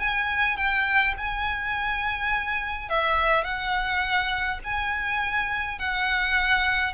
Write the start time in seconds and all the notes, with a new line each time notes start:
0.00 G#5
0.57 G5
1.18 G#5
2.90 E5
3.44 F#5
4.64 G#5
5.79 F#5